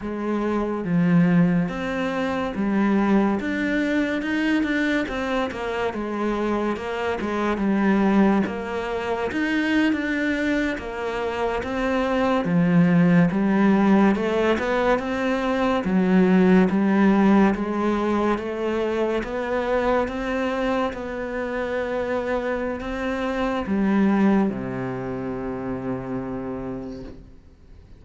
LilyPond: \new Staff \with { instrumentName = "cello" } { \time 4/4 \tempo 4 = 71 gis4 f4 c'4 g4 | d'4 dis'8 d'8 c'8 ais8 gis4 | ais8 gis8 g4 ais4 dis'8. d'16~ | d'8. ais4 c'4 f4 g16~ |
g8. a8 b8 c'4 fis4 g16~ | g8. gis4 a4 b4 c'16~ | c'8. b2~ b16 c'4 | g4 c2. | }